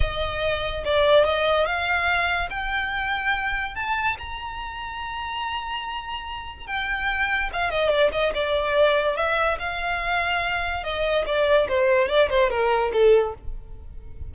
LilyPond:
\new Staff \with { instrumentName = "violin" } { \time 4/4 \tempo 4 = 144 dis''2 d''4 dis''4 | f''2 g''2~ | g''4 a''4 ais''2~ | ais''1 |
g''2 f''8 dis''8 d''8 dis''8 | d''2 e''4 f''4~ | f''2 dis''4 d''4 | c''4 d''8 c''8 ais'4 a'4 | }